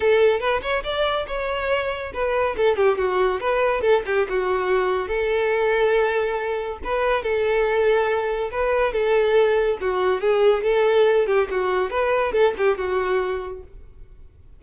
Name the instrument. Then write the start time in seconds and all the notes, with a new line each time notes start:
violin
0.00 A4
0.39 B4
0.62 C#5
0.83 D5
1.27 C#5
2.13 B4
2.56 A4
2.76 G4
2.98 F#4
3.40 B4
3.81 A4
4.06 G4
4.29 F#4
5.08 A4
6.84 B4
7.22 A4
8.51 B4
8.92 A4
9.80 F#4
10.20 G#4
10.63 A4
11.26 G4
11.50 F#4
11.90 B4
12.32 A4
12.57 G4
12.77 F#4